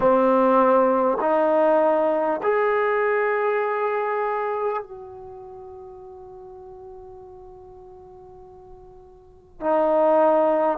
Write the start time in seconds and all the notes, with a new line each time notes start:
0.00 C4
1.20 D#4
2.42 G#4
4.82 F#4
9.60 D#4